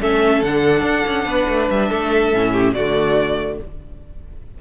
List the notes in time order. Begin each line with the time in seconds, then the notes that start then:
0.00 A3 C#4 A4 E5
0.42 D3 D4 F#5
0.81 D4
1.06 C#4
1.25 B3 B4
1.48 A3
1.69 G3 E5
1.88 A3 A4
2.32 A2 C#4
2.52 G4
2.73 D3 A3 F#4 D5